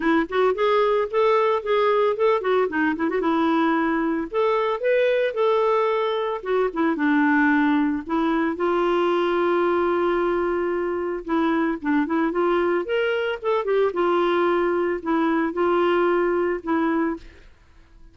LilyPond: \new Staff \with { instrumentName = "clarinet" } { \time 4/4 \tempo 4 = 112 e'8 fis'8 gis'4 a'4 gis'4 | a'8 fis'8 dis'8 e'16 fis'16 e'2 | a'4 b'4 a'2 | fis'8 e'8 d'2 e'4 |
f'1~ | f'4 e'4 d'8 e'8 f'4 | ais'4 a'8 g'8 f'2 | e'4 f'2 e'4 | }